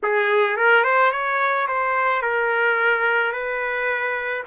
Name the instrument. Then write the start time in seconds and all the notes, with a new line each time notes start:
trumpet
0.03 G#4
0.56 A#4
0.84 C5
1.11 C#5
1.67 C5
2.21 A#4
3.32 B4